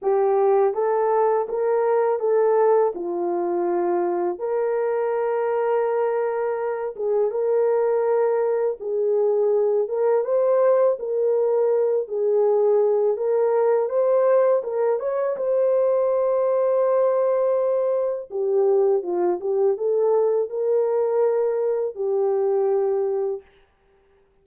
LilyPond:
\new Staff \with { instrumentName = "horn" } { \time 4/4 \tempo 4 = 82 g'4 a'4 ais'4 a'4 | f'2 ais'2~ | ais'4. gis'8 ais'2 | gis'4. ais'8 c''4 ais'4~ |
ais'8 gis'4. ais'4 c''4 | ais'8 cis''8 c''2.~ | c''4 g'4 f'8 g'8 a'4 | ais'2 g'2 | }